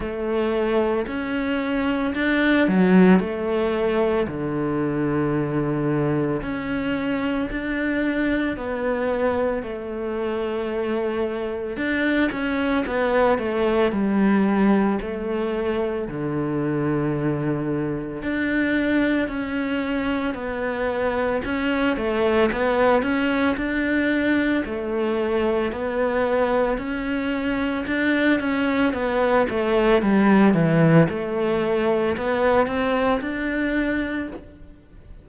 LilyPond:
\new Staff \with { instrumentName = "cello" } { \time 4/4 \tempo 4 = 56 a4 cis'4 d'8 fis8 a4 | d2 cis'4 d'4 | b4 a2 d'8 cis'8 | b8 a8 g4 a4 d4~ |
d4 d'4 cis'4 b4 | cis'8 a8 b8 cis'8 d'4 a4 | b4 cis'4 d'8 cis'8 b8 a8 | g8 e8 a4 b8 c'8 d'4 | }